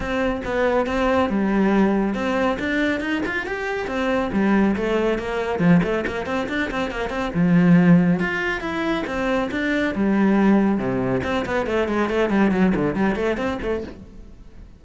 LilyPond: \new Staff \with { instrumentName = "cello" } { \time 4/4 \tempo 4 = 139 c'4 b4 c'4 g4~ | g4 c'4 d'4 dis'8 f'8 | g'4 c'4 g4 a4 | ais4 f8 a8 ais8 c'8 d'8 c'8 |
ais8 c'8 f2 f'4 | e'4 c'4 d'4 g4~ | g4 c4 c'8 b8 a8 gis8 | a8 g8 fis8 d8 g8 a8 c'8 a8 | }